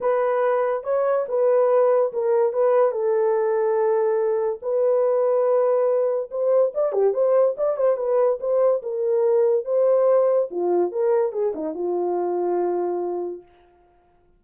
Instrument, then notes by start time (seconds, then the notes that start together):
horn
0.01 B4
0.83 C#5
1.28 B4
2.12 A#4
2.53 B4
2.91 A4
4.62 B4
6.30 C5
6.74 D5
6.92 G4
7.13 C5
7.57 D5
7.76 C5
7.97 B4
8.40 C5
8.82 A#4
9.64 C5
10.50 F4
10.91 A#4
11.32 G#4
11.54 D#4
11.74 F4